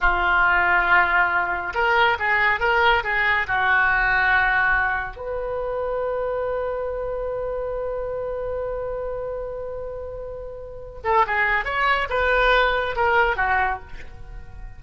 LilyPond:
\new Staff \with { instrumentName = "oboe" } { \time 4/4 \tempo 4 = 139 f'1 | ais'4 gis'4 ais'4 gis'4 | fis'1 | b'1~ |
b'1~ | b'1~ | b'4. a'8 gis'4 cis''4 | b'2 ais'4 fis'4 | }